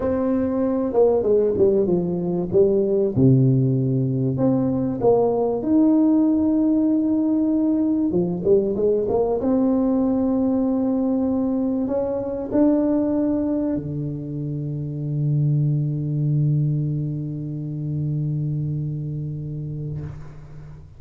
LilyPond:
\new Staff \with { instrumentName = "tuba" } { \time 4/4 \tempo 4 = 96 c'4. ais8 gis8 g8 f4 | g4 c2 c'4 | ais4 dis'2.~ | dis'4 f8 g8 gis8 ais8 c'4~ |
c'2. cis'4 | d'2 d2~ | d1~ | d1 | }